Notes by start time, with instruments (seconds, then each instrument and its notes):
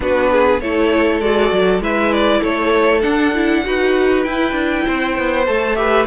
0.00 cello B3, viola D4, violin F#4 B4
0.31 violin G#4
0.60 cello A3, viola E4, violin A4 C#5
1.20 cello G#3, viola F#4, violin D5
1.51 cello F#3
1.80 cello G#3, viola E4, violin B4 E5
2.12 violin D5
2.40 cello A3, violin A4 C#5
3.01 viola D4, cello D4, violin F#5
3.34 viola E4
3.64 cello D#4, viola F#4, violin B4
4.23 viola E4, cello E4, violin G5
4.52 cello D4
4.85 cello C4, violin C5
5.17 cello B3
5.46 cello A3, viola A4, violin A5
5.75 viola G4, violin B4 E5